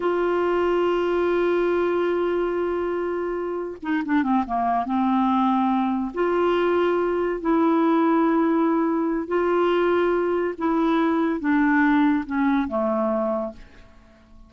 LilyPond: \new Staff \with { instrumentName = "clarinet" } { \time 4/4 \tempo 4 = 142 f'1~ | f'1~ | f'4 dis'8 d'8 c'8 ais4 c'8~ | c'2~ c'8 f'4.~ |
f'4. e'2~ e'8~ | e'2 f'2~ | f'4 e'2 d'4~ | d'4 cis'4 a2 | }